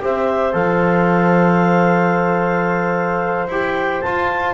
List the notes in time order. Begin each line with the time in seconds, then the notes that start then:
0.00 C4 G4 C5 E5
0.52 F3 A4 F5
3.47 E4 G4 G5
4.01 F4 A5